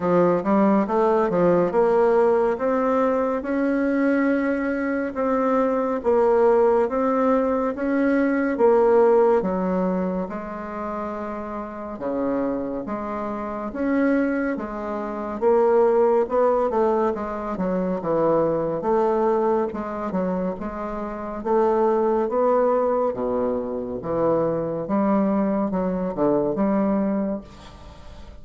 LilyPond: \new Staff \with { instrumentName = "bassoon" } { \time 4/4 \tempo 4 = 70 f8 g8 a8 f8 ais4 c'4 | cis'2 c'4 ais4 | c'4 cis'4 ais4 fis4 | gis2 cis4 gis4 |
cis'4 gis4 ais4 b8 a8 | gis8 fis8 e4 a4 gis8 fis8 | gis4 a4 b4 b,4 | e4 g4 fis8 d8 g4 | }